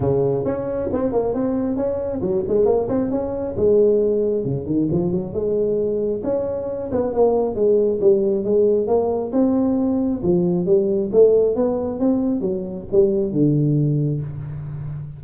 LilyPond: \new Staff \with { instrumentName = "tuba" } { \time 4/4 \tempo 4 = 135 cis4 cis'4 c'8 ais8 c'4 | cis'4 fis8 gis8 ais8 c'8 cis'4 | gis2 cis8 dis8 f8 fis8 | gis2 cis'4. b8 |
ais4 gis4 g4 gis4 | ais4 c'2 f4 | g4 a4 b4 c'4 | fis4 g4 d2 | }